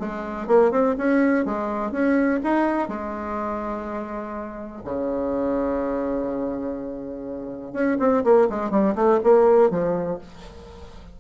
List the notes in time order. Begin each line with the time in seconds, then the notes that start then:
0.00 G#3
0.48 A#3
0.72 C4
0.98 C#4
1.46 G#3
1.92 C#4
2.44 D#4
2.89 G#3
4.85 C#3
7.73 C#4
8.00 C4
8.24 A#3
8.50 G#3
8.71 G3
8.96 A3
9.24 A#3
9.71 F3